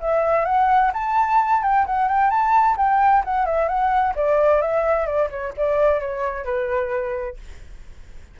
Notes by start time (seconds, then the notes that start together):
0.00 E5
0.45 F#5
0.93 A5
1.62 G5
1.86 F#5
2.08 G5
2.30 A5
2.77 G5
3.25 F#5
3.46 E5
3.68 F#5
4.15 D5
4.62 E5
5.06 D5
5.30 C#5
5.57 D5
6.00 C#5
6.44 B4